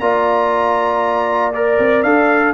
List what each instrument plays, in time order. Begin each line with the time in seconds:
0.00 tuba A#3, trombone F4, horn D5, trumpet A#5
1.53 trombone A#4, trumpet D5
1.78 tuba C4
2.03 tuba D4, trombone A4, trumpet F5